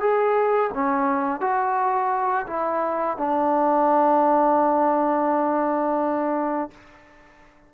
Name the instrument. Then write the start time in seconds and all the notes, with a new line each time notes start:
trombone
0.00 G#4
0.74 C#4
1.41 F#4
2.47 E4
3.17 D4